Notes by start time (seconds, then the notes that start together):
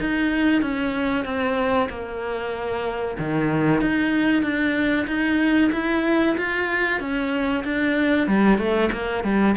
0.00 D#4
0.62 C#4
1.24 C4
1.89 A#3
3.18 D#3
3.81 D#4
4.42 D4
5.07 D#4
5.72 E4
6.37 F4
7.00 C#4
7.64 D4
8.27 G3
8.58 A3
8.92 A#3
9.23 G3